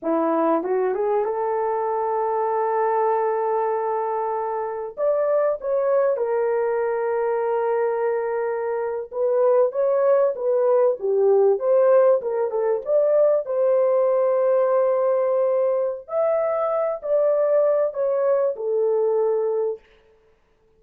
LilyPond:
\new Staff \with { instrumentName = "horn" } { \time 4/4 \tempo 4 = 97 e'4 fis'8 gis'8 a'2~ | a'1 | d''4 cis''4 ais'2~ | ais'2~ ais'8. b'4 cis''16~ |
cis''8. b'4 g'4 c''4 ais'16~ | ais'16 a'8 d''4 c''2~ c''16~ | c''2 e''4. d''8~ | d''4 cis''4 a'2 | }